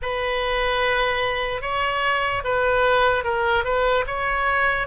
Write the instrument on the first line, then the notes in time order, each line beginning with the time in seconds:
oboe
0.02 B4
1.61 C#5
2.44 B4
3.24 A#4
3.64 B4
4.06 C#5